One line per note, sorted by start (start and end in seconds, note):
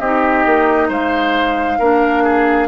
0.00 0.45 C4
0.00 1.81 D#4
0.00 0.89 G4
0.00 0.90 D#5
0.46 0.90 A#3
0.89 1.79 G#3
0.89 1.78 C5
0.89 2.68 F5
1.79 2.68 A#3
1.79 2.68 D4
1.79 2.24 A#4
2.24 2.68 G#4